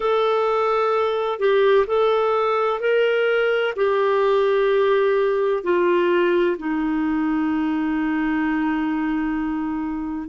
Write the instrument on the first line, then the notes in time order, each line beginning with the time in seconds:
clarinet
0.00 A4
1.39 G4
1.86 A4
2.80 A#4
3.76 G4
5.63 F4
6.58 D#4